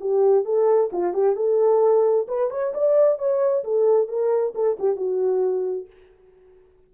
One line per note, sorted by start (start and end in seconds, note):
0.00 0.44 G4
0.44 0.90 A4
0.92 1.13 F4
1.13 1.36 G4
1.36 2.26 A4
2.27 2.50 B4
2.50 2.73 C#5
2.74 3.18 D5
3.18 3.63 C#5
3.64 4.07 A4
4.07 4.53 A#4
4.54 4.77 A4
4.79 4.95 G4
4.95 5.86 F#4